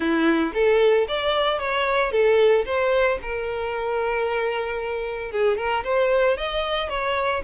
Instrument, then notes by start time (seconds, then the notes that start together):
violin
0.00 E4
0.54 A4
1.08 D5
1.59 C#5
2.11 A4
2.65 C5
3.22 A#4
5.31 G#4
5.57 A#4
5.84 C5
6.37 D#5
6.89 C#5